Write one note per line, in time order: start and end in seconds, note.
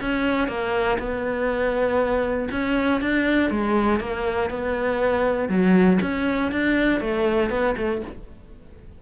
0.00 0.47 C#4
0.47 0.97 A#3
0.99 2.49 B3
2.51 3.01 C#4
3.01 3.50 D4
3.50 4.00 G#3
4.00 4.50 A#3
4.50 5.48 B3
5.48 5.98 F#3
6.01 6.51 C#4
6.51 7.00 D4
7.00 7.50 A3
7.50 7.75 B3
7.77 8.02 A3